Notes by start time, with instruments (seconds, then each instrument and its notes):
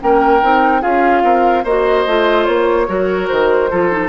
0.00 bassoon A#3, clarinet C#4, oboe A#4, flute G5
0.42 bassoon C4, clarinet D#4
0.82 bassoon C#4, clarinet F4, oboe G#4, flute F5
1.23 bassoon C4, oboe A#4
1.64 bassoon A#3, clarinet F#4, oboe C5, flute D#5
2.06 bassoon A3, clarinet F4
2.45 bassoon A#3, flute C#5
2.87 bassoon F#3, clarinet F#4, oboe A#4
3.28 bassoon D#3, flute C5
3.71 bassoon F3, clarinet F4, oboe A4
3.92 clarinet D#4